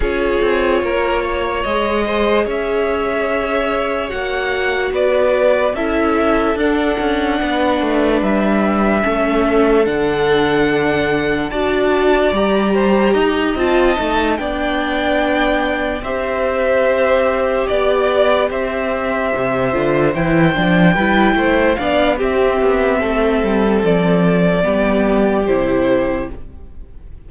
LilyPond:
<<
  \new Staff \with { instrumentName = "violin" } { \time 4/4 \tempo 4 = 73 cis''2 dis''4 e''4~ | e''4 fis''4 d''4 e''4 | fis''2 e''2 | fis''2 a''4 ais''4~ |
ais''8 a''4 g''2 e''8~ | e''4. d''4 e''4.~ | e''8 g''2 f''8 e''4~ | e''4 d''2 c''4 | }
  \new Staff \with { instrumentName = "violin" } { \time 4/4 gis'4 ais'8 cis''4 c''8 cis''4~ | cis''2 b'4 a'4~ | a'4 b'2 a'4~ | a'2 d''4. c''8 |
dis''4. d''2 c''8~ | c''4. d''4 c''4.~ | c''4. b'8 c''8 d''8 g'4 | a'2 g'2 | }
  \new Staff \with { instrumentName = "viola" } { \time 4/4 f'2 gis'2~ | gis'4 fis'2 e'4 | d'2. cis'4 | d'2 fis'4 g'4~ |
g'8 f'8 dis'8 d'2 g'8~ | g'1 | f'8 e'8 d'8 e'4 d'8 c'4~ | c'2 b4 e'4 | }
  \new Staff \with { instrumentName = "cello" } { \time 4/4 cis'8 c'8 ais4 gis4 cis'4~ | cis'4 ais4 b4 cis'4 | d'8 cis'8 b8 a8 g4 a4 | d2 d'4 g4 |
dis'8 c'8 a8 b2 c'8~ | c'4. b4 c'4 c8 | d8 e8 f8 g8 a8 b8 c'8 b8 | a8 g8 f4 g4 c4 | }
>>